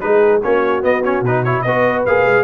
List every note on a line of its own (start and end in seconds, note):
0.00 0.44 G#3
0.00 0.41 D#4
0.00 0.42 G#4
0.00 0.41 B4
0.42 0.83 A#3
0.42 0.82 C#4
0.42 1.64 F#4
0.42 0.83 C#5
0.82 1.02 B3
0.82 1.21 B3
0.82 1.04 D#5
1.04 1.25 C#4
1.04 1.24 C#5
1.21 1.62 B2
1.21 1.46 D#4
1.21 1.44 B4
1.44 1.66 E4
1.44 1.62 C#5
1.62 2.05 B3
1.62 2.07 F#4
1.62 2.44 B4
1.62 2.02 D#5
2.05 2.25 A#3
2.05 2.44 G#4
2.05 2.44 F5
2.25 2.44 G#3